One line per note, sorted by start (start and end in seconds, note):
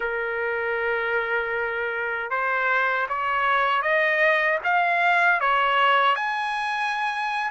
0.00 2.30 A#4
2.30 3.07 C5
3.08 3.81 C#5
3.81 4.58 D#5
4.64 5.40 F5
5.40 6.15 C#5
6.15 7.50 G#5